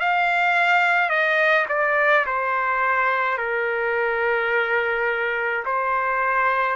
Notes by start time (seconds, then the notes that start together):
0.00 F5
1.10 D#5
1.69 D5
2.26 C5
3.38 A#4
5.66 C5